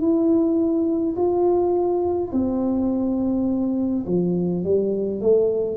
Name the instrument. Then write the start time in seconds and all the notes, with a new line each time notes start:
tuba
0.00 E4
1.16 F4
2.32 C4
4.06 F3
4.64 G3
5.20 A3